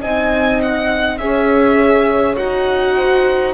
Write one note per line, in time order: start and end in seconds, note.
0.00 1.19 C4
0.00 1.20 D#4
0.00 1.18 D#5
0.00 0.61 G#5
0.62 1.18 F#5
1.18 2.36 C#4
1.18 2.36 G#4
1.18 2.96 C#5
1.18 2.35 E5
2.36 3.53 D#4
2.36 3.53 F#4
2.36 3.53 F#5
2.96 3.53 C5